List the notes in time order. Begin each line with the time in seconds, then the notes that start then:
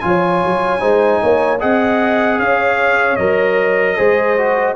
0.00 F3 F4 G#5
0.06 C#5
0.44 F#3
0.79 G#3 D#4 C5
1.22 A#3 C#5
1.59 C4 G#4 D#5 F#5
2.39 C#4 C#5 F5
3.16 F#3 A#4 D#5
3.97 G#3 G#4 C5
4.37 F#4